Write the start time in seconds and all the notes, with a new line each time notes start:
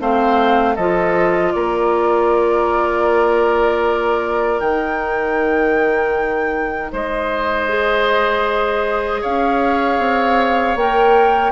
0.00 A3 C4 C5 F5
0.75 F3 F4 A4 D#5
1.53 A#3 A#4 D5
4.60 D#3 D#4 G5
6.92 G#3 C5 D#5
7.69 G#4
9.21 C#4 C#5 F5
9.99 C4
10.75 A#3 A#4 G5